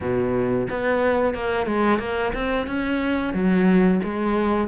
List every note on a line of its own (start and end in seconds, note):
0.01 0.67 B2
0.69 1.34 B3
1.34 1.66 A#3
1.66 1.99 G#3
1.99 2.32 A#3
2.33 2.66 C4
2.67 3.33 C#4
3.33 4.00 F#3
4.03 4.67 G#3